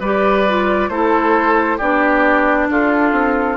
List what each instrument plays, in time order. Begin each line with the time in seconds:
0.00 bassoon G3, clarinet G4, oboe B4, flute D5
0.48 clarinet F4
0.89 bassoon A3, clarinet E4, oboe A4, flute C5
1.78 bassoon B3, clarinet D4, oboe G4, flute D5
2.69 bassoon D4, oboe F4, flute A4
3.12 bassoon C4